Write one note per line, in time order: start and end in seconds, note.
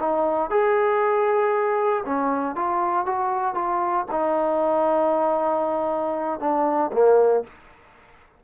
0.00 0.50 D#4
0.50 2.04 G#4
2.06 2.56 C#4
2.56 3.06 F4
3.06 3.55 F#4
3.55 4.06 F4
4.11 6.40 D#4
6.40 6.91 D4
6.93 7.44 A#3